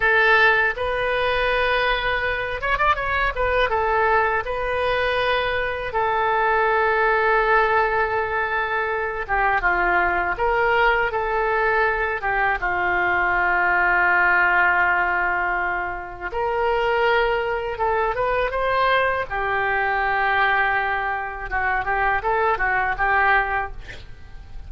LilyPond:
\new Staff \with { instrumentName = "oboe" } { \time 4/4 \tempo 4 = 81 a'4 b'2~ b'8 cis''16 d''16 | cis''8 b'8 a'4 b'2 | a'1~ | a'8 g'8 f'4 ais'4 a'4~ |
a'8 g'8 f'2.~ | f'2 ais'2 | a'8 b'8 c''4 g'2~ | g'4 fis'8 g'8 a'8 fis'8 g'4 | }